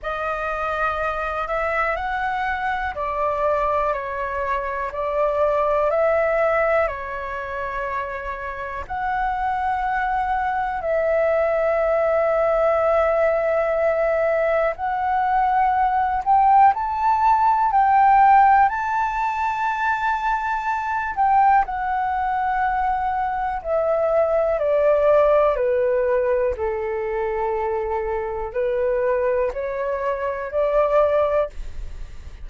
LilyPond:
\new Staff \with { instrumentName = "flute" } { \time 4/4 \tempo 4 = 61 dis''4. e''8 fis''4 d''4 | cis''4 d''4 e''4 cis''4~ | cis''4 fis''2 e''4~ | e''2. fis''4~ |
fis''8 g''8 a''4 g''4 a''4~ | a''4. g''8 fis''2 | e''4 d''4 b'4 a'4~ | a'4 b'4 cis''4 d''4 | }